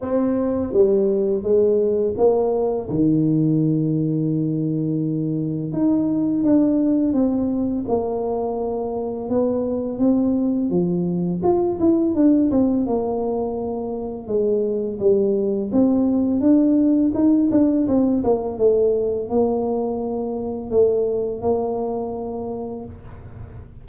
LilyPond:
\new Staff \with { instrumentName = "tuba" } { \time 4/4 \tempo 4 = 84 c'4 g4 gis4 ais4 | dis1 | dis'4 d'4 c'4 ais4~ | ais4 b4 c'4 f4 |
f'8 e'8 d'8 c'8 ais2 | gis4 g4 c'4 d'4 | dis'8 d'8 c'8 ais8 a4 ais4~ | ais4 a4 ais2 | }